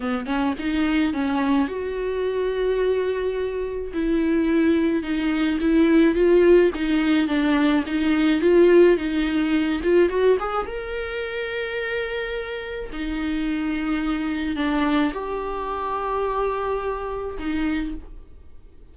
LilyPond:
\new Staff \with { instrumentName = "viola" } { \time 4/4 \tempo 4 = 107 b8 cis'8 dis'4 cis'4 fis'4~ | fis'2. e'4~ | e'4 dis'4 e'4 f'4 | dis'4 d'4 dis'4 f'4 |
dis'4. f'8 fis'8 gis'8 ais'4~ | ais'2. dis'4~ | dis'2 d'4 g'4~ | g'2. dis'4 | }